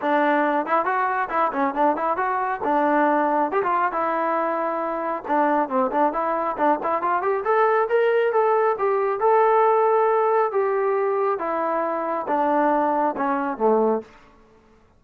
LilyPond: \new Staff \with { instrumentName = "trombone" } { \time 4/4 \tempo 4 = 137 d'4. e'8 fis'4 e'8 cis'8 | d'8 e'8 fis'4 d'2 | g'16 f'8. e'2. | d'4 c'8 d'8 e'4 d'8 e'8 |
f'8 g'8 a'4 ais'4 a'4 | g'4 a'2. | g'2 e'2 | d'2 cis'4 a4 | }